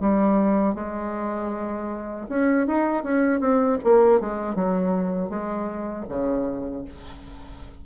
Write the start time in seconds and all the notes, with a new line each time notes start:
0.00 G3
0.75 G#3
2.29 C#4
2.67 D#4
3.03 C#4
3.40 C4
3.84 A#3
4.20 G#3
4.55 F#3
5.29 G#3
6.08 C#3